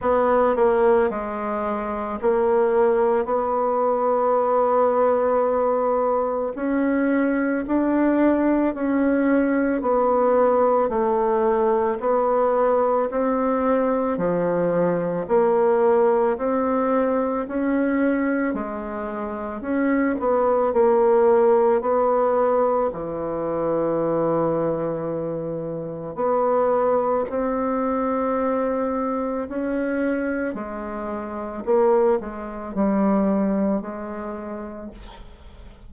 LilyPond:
\new Staff \with { instrumentName = "bassoon" } { \time 4/4 \tempo 4 = 55 b8 ais8 gis4 ais4 b4~ | b2 cis'4 d'4 | cis'4 b4 a4 b4 | c'4 f4 ais4 c'4 |
cis'4 gis4 cis'8 b8 ais4 | b4 e2. | b4 c'2 cis'4 | gis4 ais8 gis8 g4 gis4 | }